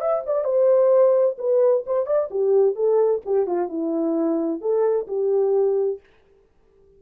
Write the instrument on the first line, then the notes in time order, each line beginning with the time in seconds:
horn
0.00 E5
0.26 D5
0.44 C5
1.38 B4
1.86 C5
2.06 D5
2.30 G4
2.75 A4
3.25 G4
3.46 F4
3.68 E4
4.60 A4
5.07 G4